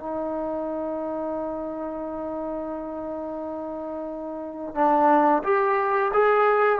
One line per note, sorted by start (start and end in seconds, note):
0.00 4.75 D#4
4.75 5.43 D4
5.44 6.12 G4
6.14 6.80 G#4